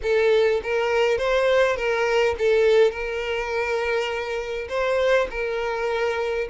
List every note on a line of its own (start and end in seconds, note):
0.02 0.61 A4
0.63 1.18 A#4
1.18 1.76 C5
1.76 2.35 A#4
2.38 2.91 A4
2.91 4.67 A#4
4.68 5.27 C5
5.30 6.48 A#4